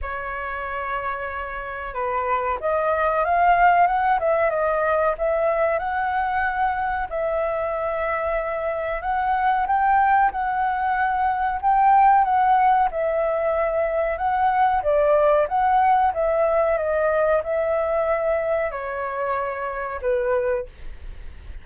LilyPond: \new Staff \with { instrumentName = "flute" } { \time 4/4 \tempo 4 = 93 cis''2. b'4 | dis''4 f''4 fis''8 e''8 dis''4 | e''4 fis''2 e''4~ | e''2 fis''4 g''4 |
fis''2 g''4 fis''4 | e''2 fis''4 d''4 | fis''4 e''4 dis''4 e''4~ | e''4 cis''2 b'4 | }